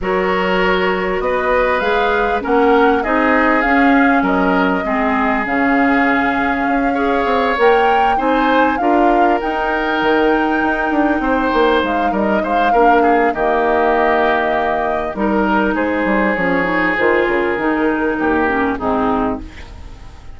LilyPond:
<<
  \new Staff \with { instrumentName = "flute" } { \time 4/4 \tempo 4 = 99 cis''2 dis''4 f''4 | fis''4 dis''4 f''4 dis''4~ | dis''4 f''2.~ | f''8 g''4 gis''4 f''4 g''8~ |
g''2.~ g''8 f''8 | dis''8 f''4. dis''2~ | dis''4 ais'4 c''4 cis''4 | c''8 ais'2~ ais'8 gis'4 | }
  \new Staff \with { instrumentName = "oboe" } { \time 4/4 ais'2 b'2 | ais'4 gis'2 ais'4 | gis'2.~ gis'8 cis''8~ | cis''4. c''4 ais'4.~ |
ais'2~ ais'8 c''4. | ais'8 c''8 ais'8 gis'8 g'2~ | g'4 ais'4 gis'2~ | gis'2 g'4 dis'4 | }
  \new Staff \with { instrumentName = "clarinet" } { \time 4/4 fis'2. gis'4 | cis'4 dis'4 cis'2 | c'4 cis'2~ cis'8 gis'8~ | gis'8 ais'4 dis'4 f'4 dis'8~ |
dis'1~ | dis'4 d'4 ais2~ | ais4 dis'2 cis'8 dis'8 | f'4 dis'4. cis'8 c'4 | }
  \new Staff \with { instrumentName = "bassoon" } { \time 4/4 fis2 b4 gis4 | ais4 c'4 cis'4 fis4 | gis4 cis2 cis'4 | c'8 ais4 c'4 d'4 dis'8~ |
dis'8 dis4 dis'8 d'8 c'8 ais8 gis8 | g8 gis8 ais4 dis2~ | dis4 g4 gis8 g8 f4 | dis8 cis8 dis4 dis,4 gis,4 | }
>>